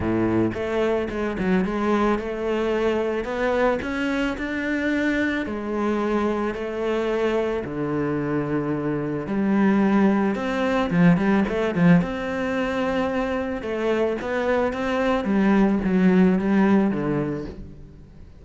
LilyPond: \new Staff \with { instrumentName = "cello" } { \time 4/4 \tempo 4 = 110 a,4 a4 gis8 fis8 gis4 | a2 b4 cis'4 | d'2 gis2 | a2 d2~ |
d4 g2 c'4 | f8 g8 a8 f8 c'2~ | c'4 a4 b4 c'4 | g4 fis4 g4 d4 | }